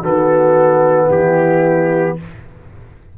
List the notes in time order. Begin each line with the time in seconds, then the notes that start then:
0.00 D#3 B3 F#4 A4
1.05 E3 E4 G4